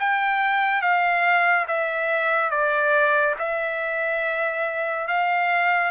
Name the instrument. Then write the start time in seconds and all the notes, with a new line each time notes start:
trumpet
0.00 G5
0.82 F5
1.68 E5
2.50 D5
3.39 E5
5.08 F5